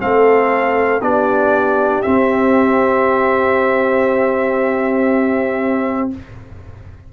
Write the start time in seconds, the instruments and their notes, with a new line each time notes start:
0.00 tuba A3, trombone C4, horn A4, trumpet F5
1.01 tuba B3, trombone D4, horn G4, trumpet D5
2.03 trombone C4, tuba C4, trumpet E5